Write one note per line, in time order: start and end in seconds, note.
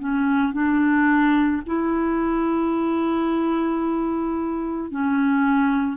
0.00 0.54 C#4
0.54 1.63 D4
1.67 4.91 E4
4.91 5.98 C#4